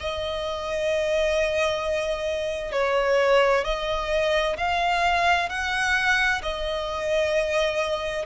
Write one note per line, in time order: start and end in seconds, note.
0.00 2.72 D#5
2.72 3.64 C#5
3.64 4.57 D#5
4.57 5.49 F5
5.49 6.42 F#5
6.42 8.26 D#5